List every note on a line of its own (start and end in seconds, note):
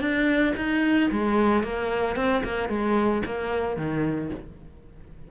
0.00 0.54 D4
0.56 1.10 D#4
1.11 1.63 G#3
1.63 2.16 A#3
2.16 2.43 C4
2.44 2.69 A#3
2.69 3.22 G#3
3.26 3.77 A#3
3.77 4.30 D#3